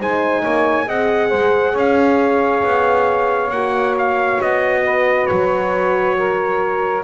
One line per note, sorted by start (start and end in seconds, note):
0.00 0.44 G#3
0.00 0.86 D#4
0.00 0.42 C5
0.00 0.89 G#5
0.42 0.88 A#3
0.42 0.86 C#5
0.86 1.32 C4
0.86 3.51 G#4
0.86 1.29 D#5
0.86 1.77 F#5
1.29 1.75 G#3
1.29 1.72 C5
1.72 2.63 C#4
1.72 4.81 C#5
1.78 3.51 F5
2.64 3.51 B3
3.51 4.39 A#3
3.51 7.04 F#4
3.51 3.95 F#5
3.99 4.42 F5
4.42 5.30 B3
4.42 5.27 D#5
4.85 6.17 B4
5.27 7.04 F#3
5.27 7.03 C#5
6.17 7.04 A#4